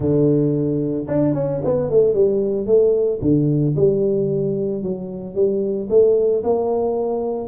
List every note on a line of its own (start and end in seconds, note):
0.00 1.07 D3
1.07 1.34 D4
1.34 1.60 C#4
1.64 1.90 B3
1.90 2.14 A3
2.14 2.66 G3
2.66 3.19 A3
3.21 3.75 D3
3.75 4.82 G3
4.82 5.34 F#3
5.34 5.88 G3
5.89 6.43 A3
6.43 7.48 A#3